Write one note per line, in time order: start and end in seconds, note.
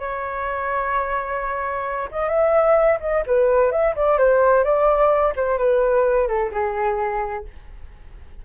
0.00 2.09 C#5
2.12 2.29 D#5
2.29 2.99 E5
3.01 3.24 D#5
3.27 3.72 B4
3.72 3.95 E5
3.96 4.18 D5
4.18 4.64 C5
4.64 5.34 D5
5.36 5.59 C5
5.59 6.28 B4
6.28 6.51 A4
6.52 7.45 G#4